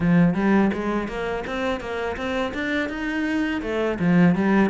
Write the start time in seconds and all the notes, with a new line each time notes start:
0.00 F3
0.34 G3
0.73 G#3
1.07 A#3
1.46 C4
1.80 A#3
2.17 C4
2.54 D4
2.89 D#4
3.62 A3
3.99 F3
4.35 G3